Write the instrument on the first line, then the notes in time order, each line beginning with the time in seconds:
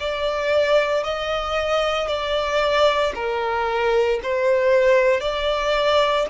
violin
0.00 D5
1.03 D#5
2.07 D5
3.14 A#4
4.22 C5
5.20 D5